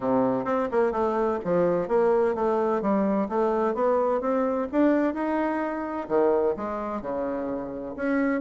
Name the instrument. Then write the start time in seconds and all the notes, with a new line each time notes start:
bassoon
0.00 C3
0.45 C4
0.71 A#3
0.91 A3
1.44 F3
1.88 A#3
2.35 A3
2.81 G3
3.29 A3
3.74 B3
4.20 C4
4.72 D4
5.13 D#4
6.08 D#3
6.56 G#3
7.01 C#3
7.96 C#4